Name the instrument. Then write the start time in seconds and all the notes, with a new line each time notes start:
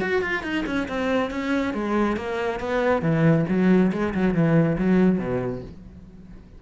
cello
0.00 F#4
0.22 F4
0.43 D#4
0.66 C#4
0.88 C4
1.30 C#4
1.74 G#3
2.16 A#3
2.59 B3
3.01 E3
3.48 F#3
3.92 G#3
4.14 F#3
4.34 E3
4.78 F#3
5.18 B2